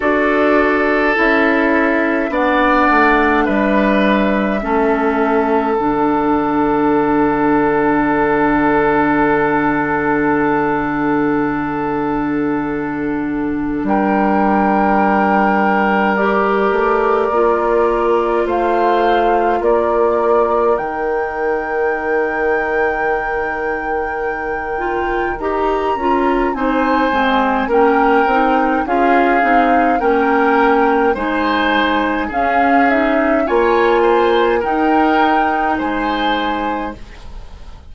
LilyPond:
<<
  \new Staff \with { instrumentName = "flute" } { \time 4/4 \tempo 4 = 52 d''4 e''4 fis''4 e''4~ | e''4 fis''2.~ | fis''1 | g''2 d''2 |
f''4 d''4 g''2~ | g''2 ais''4 gis''4 | g''4 f''4 g''4 gis''4 | f''8 e''8 gis''4 g''4 gis''4 | }
  \new Staff \with { instrumentName = "oboe" } { \time 4/4 a'2 d''4 b'4 | a'1~ | a'1 | ais'1 |
c''4 ais'2.~ | ais'2. c''4 | ais'4 gis'4 ais'4 c''4 | gis'4 cis''8 c''8 ais'4 c''4 | }
  \new Staff \with { instrumentName = "clarinet" } { \time 4/4 fis'4 e'4 d'2 | cis'4 d'2.~ | d'1~ | d'2 g'4 f'4~ |
f'2 dis'2~ | dis'4. f'8 g'8 f'8 dis'8 c'8 | cis'8 dis'8 f'8 dis'8 cis'4 dis'4 | cis'8 dis'8 f'4 dis'2 | }
  \new Staff \with { instrumentName = "bassoon" } { \time 4/4 d'4 cis'4 b8 a8 g4 | a4 d2.~ | d1 | g2~ g8 a8 ais4 |
a4 ais4 dis2~ | dis2 dis'8 cis'8 c'8 gis8 | ais8 c'8 cis'8 c'8 ais4 gis4 | cis'4 ais4 dis'4 gis4 | }
>>